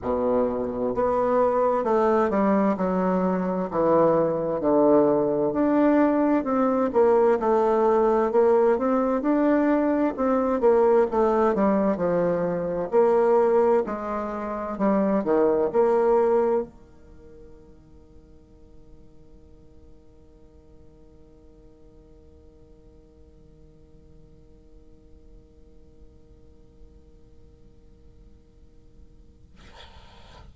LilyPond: \new Staff \with { instrumentName = "bassoon" } { \time 4/4 \tempo 4 = 65 b,4 b4 a8 g8 fis4 | e4 d4 d'4 c'8 ais8 | a4 ais8 c'8 d'4 c'8 ais8 | a8 g8 f4 ais4 gis4 |
g8 dis8 ais4 dis2~ | dis1~ | dis1~ | dis1 | }